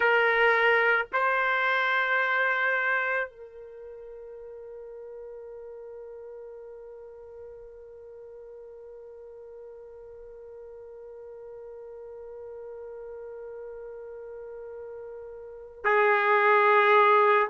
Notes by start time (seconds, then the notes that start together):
0.00 A#4
1.12 C5
3.30 A#4
15.84 G#4